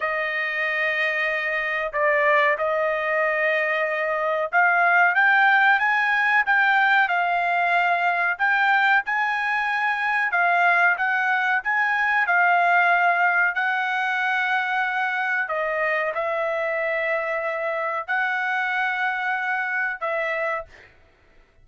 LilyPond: \new Staff \with { instrumentName = "trumpet" } { \time 4/4 \tempo 4 = 93 dis''2. d''4 | dis''2. f''4 | g''4 gis''4 g''4 f''4~ | f''4 g''4 gis''2 |
f''4 fis''4 gis''4 f''4~ | f''4 fis''2. | dis''4 e''2. | fis''2. e''4 | }